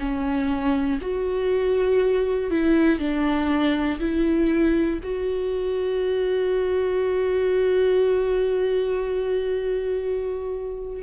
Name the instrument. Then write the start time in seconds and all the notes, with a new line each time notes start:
viola
0.00 C#4
1.01 F#4
2.51 E4
3.00 D4
4.00 E4
5.04 F#4